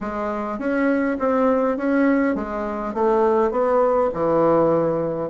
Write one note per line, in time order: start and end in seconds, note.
0.01 0.59 G#3
0.59 1.17 C#4
1.19 1.77 C4
1.77 2.35 C#4
2.35 2.94 G#3
2.94 3.51 A3
3.51 4.10 B3
4.13 5.29 E3